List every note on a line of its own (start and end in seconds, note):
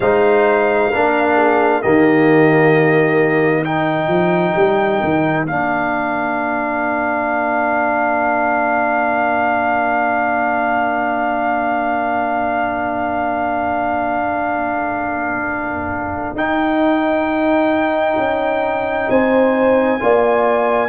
0.00 0.91 G#3
0.00 0.92 D#4
0.00 0.90 C5
0.00 1.82 F5
0.90 1.84 A#3
0.90 1.82 D4
0.90 1.35 A#4
1.35 1.81 G#4
1.82 4.07 D#3
1.82 3.64 A#3
1.82 3.63 G4
1.82 3.63 D#5
3.63 5.47 D#4
3.63 19.09 A#4
3.63 5.46 G5
4.07 4.53 F3
4.55 5.01 G3
5.03 5.45 D#3
5.45 16.34 A#3
5.45 16.37 D4
5.45 16.37 F5
16.34 18.16 D#4
16.34 19.99 D#4
16.34 19.09 G5
18.16 19.07 C#4
19.09 20.00 C4
19.09 20.00 C5
19.09 20.89 G#5
19.99 20.89 A#3
19.99 20.89 F4
19.99 20.89 D5